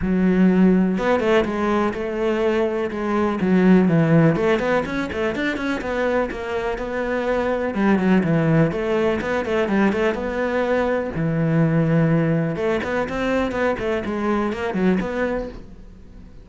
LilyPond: \new Staff \with { instrumentName = "cello" } { \time 4/4 \tempo 4 = 124 fis2 b8 a8 gis4 | a2 gis4 fis4 | e4 a8 b8 cis'8 a8 d'8 cis'8 | b4 ais4 b2 |
g8 fis8 e4 a4 b8 a8 | g8 a8 b2 e4~ | e2 a8 b8 c'4 | b8 a8 gis4 ais8 fis8 b4 | }